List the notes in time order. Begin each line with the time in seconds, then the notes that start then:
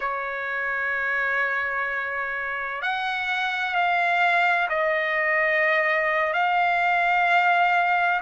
0.00 C#5
2.81 F#5
3.75 F5
4.69 D#5
6.33 F5